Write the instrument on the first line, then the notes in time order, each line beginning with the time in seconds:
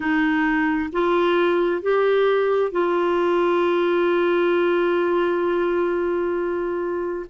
clarinet
0.00 D#4
0.92 F4
1.82 G4
2.71 F4